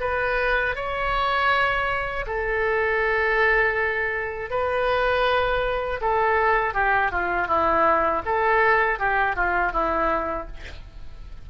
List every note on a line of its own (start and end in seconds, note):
0.00 0.75 B4
0.75 2.25 C#5
2.26 4.50 A4
4.50 6.00 B4
6.01 6.73 A4
6.73 7.11 G4
7.11 7.47 F4
7.47 8.22 E4
8.25 8.99 A4
8.99 9.35 G4
9.35 9.72 F4
9.72 10.47 E4